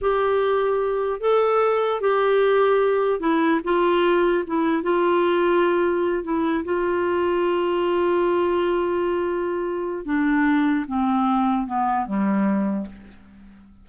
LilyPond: \new Staff \with { instrumentName = "clarinet" } { \time 4/4 \tempo 4 = 149 g'2. a'4~ | a'4 g'2. | e'4 f'2 e'4 | f'2.~ f'8 e'8~ |
e'8 f'2.~ f'8~ | f'1~ | f'4 d'2 c'4~ | c'4 b4 g2 | }